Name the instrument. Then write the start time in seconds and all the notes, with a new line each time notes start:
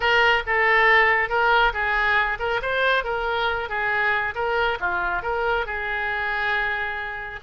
oboe
0.00 A#4
0.46 A4
1.29 A#4
1.73 G#4
2.39 A#4
2.62 C5
3.04 A#4
3.69 G#4
4.34 A#4
4.80 F4
5.22 A#4
5.65 G#4